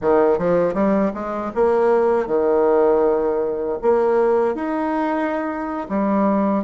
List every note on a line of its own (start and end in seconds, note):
0.01 0.38 D#3
0.38 0.74 F3
0.74 1.12 G3
1.14 1.52 G#3
1.55 2.26 A#3
2.26 3.78 D#3
3.81 4.54 A#3
4.54 5.87 D#4
5.89 6.64 G3